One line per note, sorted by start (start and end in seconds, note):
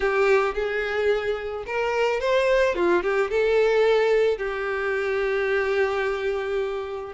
0.00 0.54 G4
0.54 1.64 G#4
1.66 2.20 A#4
2.20 2.75 C5
2.75 3.03 F4
3.03 3.30 G4
3.30 4.37 A4
4.37 7.13 G4